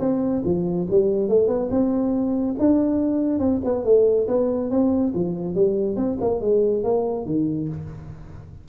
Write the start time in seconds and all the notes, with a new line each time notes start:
0.00 C4
0.45 F3
0.90 G3
1.29 A3
1.48 B3
1.71 C4
2.59 D4
3.39 C4
3.65 B3
3.85 A3
4.28 B3
4.71 C4
5.15 F3
5.55 G3
5.97 C4
6.21 A#3
6.41 G#3
6.84 A#3
7.26 D#3